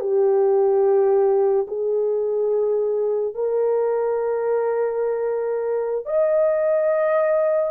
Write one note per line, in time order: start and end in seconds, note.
0.00 1.67 G4
1.68 3.34 G#4
3.34 6.05 A#4
6.06 7.71 D#5